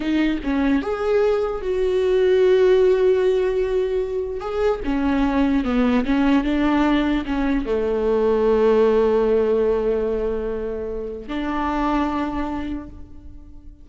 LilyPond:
\new Staff \with { instrumentName = "viola" } { \time 4/4 \tempo 4 = 149 dis'4 cis'4 gis'2 | fis'1~ | fis'2. gis'4 | cis'2 b4 cis'4 |
d'2 cis'4 a4~ | a1~ | a1 | d'1 | }